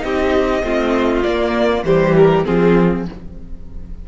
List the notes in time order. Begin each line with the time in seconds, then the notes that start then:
0.00 C4 D#4 G4 D#5
0.63 A3 C4 F4
1.23 A#3 D5
1.84 E3 G3 G4 C5
2.17 A#4
2.45 F3 C4 F4 G#4